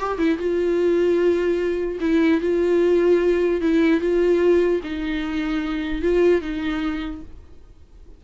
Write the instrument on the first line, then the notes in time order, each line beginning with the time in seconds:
viola
0.00 G4
0.18 E4
0.38 F4
2.01 E4
2.41 F4
3.61 E4
4.01 F4
4.83 D#4
6.02 F4
6.41 D#4